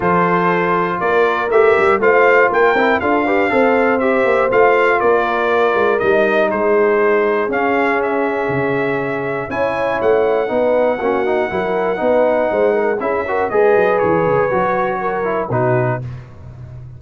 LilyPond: <<
  \new Staff \with { instrumentName = "trumpet" } { \time 4/4 \tempo 4 = 120 c''2 d''4 e''4 | f''4 g''4 f''2 | e''4 f''4 d''2 | dis''4 c''2 f''4 |
e''2. gis''4 | fis''1~ | fis''2 e''4 dis''4 | cis''2. b'4 | }
  \new Staff \with { instrumentName = "horn" } { \time 4/4 a'2 ais'2 | c''4 ais'4 a'8 b'8 c''4~ | c''2 ais'2~ | ais'4 gis'2.~ |
gis'2. cis''4~ | cis''4 b'4 fis'4 ais'4 | b'4 c''8 ais'8 gis'8 ais'8 b'4~ | b'2 ais'4 fis'4 | }
  \new Staff \with { instrumentName = "trombone" } { \time 4/4 f'2. g'4 | f'4. e'8 f'8 g'8 a'4 | g'4 f'2. | dis'2. cis'4~ |
cis'2. e'4~ | e'4 dis'4 cis'8 dis'8 e'4 | dis'2 e'8 fis'8 gis'4~ | gis'4 fis'4. e'8 dis'4 | }
  \new Staff \with { instrumentName = "tuba" } { \time 4/4 f2 ais4 a8 g8 | a4 ais8 c'8 d'4 c'4~ | c'8 ais8 a4 ais4. gis8 | g4 gis2 cis'4~ |
cis'4 cis2 cis'4 | a4 b4 ais4 fis4 | b4 gis4 cis'4 gis8 fis8 | e8 cis8 fis2 b,4 | }
>>